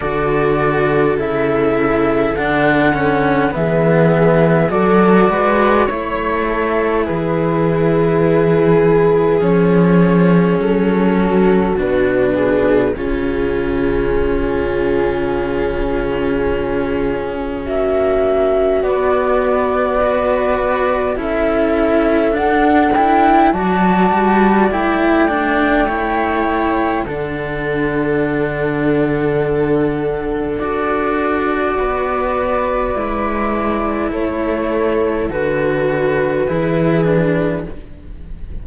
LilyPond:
<<
  \new Staff \with { instrumentName = "flute" } { \time 4/4 \tempo 4 = 51 d''4 e''4 fis''4 e''4 | d''4 cis''4 b'2 | cis''4 a'4 b'4 gis'4~ | gis'2. e''4 |
d''2 e''4 fis''8 g''8 | a''4 g''2 fis''4~ | fis''2 d''2~ | d''4 cis''4 b'2 | }
  \new Staff \with { instrumentName = "viola" } { \time 4/4 a'2. gis'4 | a'8 b'8 cis''8 a'8 gis'2~ | gis'4. fis'4 gis'8 f'4~ | f'2. fis'4~ |
fis'4 b'4 a'2 | d''2 cis''4 a'4~ | a'2. b'4~ | b'4 a'2 gis'4 | }
  \new Staff \with { instrumentName = "cello" } { \time 4/4 fis'4 e'4 d'8 cis'8 b4 | fis'4 e'2. | cis'2 d'4 cis'4~ | cis'1 |
b4 fis'4 e'4 d'8 e'8 | fis'4 e'8 d'8 e'4 d'4~ | d'2 fis'2 | e'2 fis'4 e'8 d'8 | }
  \new Staff \with { instrumentName = "cello" } { \time 4/4 d4 cis4 d4 e4 | fis8 gis8 a4 e2 | f4 fis4 b,4 cis4~ | cis2. ais4 |
b2 cis'4 d'4 | fis8 g8 a2 d4~ | d2 d'4 b4 | gis4 a4 d4 e4 | }
>>